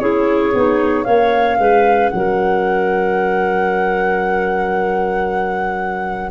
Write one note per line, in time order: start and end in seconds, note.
0.00 0.54 C#4
0.00 0.53 E4
0.00 1.05 G#4
0.00 1.05 C#5
0.54 1.06 B3
0.54 1.05 D#4
1.05 1.59 A#3
1.05 6.31 C#4
1.05 1.57 C#5
1.05 2.10 F5
1.59 2.12 G#3
1.59 2.12 B4
2.10 6.31 F#3
2.10 6.31 A#4
2.10 6.31 F#5